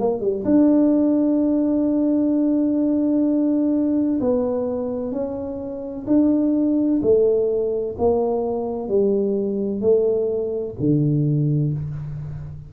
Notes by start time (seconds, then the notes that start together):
0.00 A#3
0.21 G3
0.45 D4
4.21 B3
5.12 C#4
6.07 D4
7.02 A3
7.98 A#3
8.89 G3
9.81 A3
10.80 D3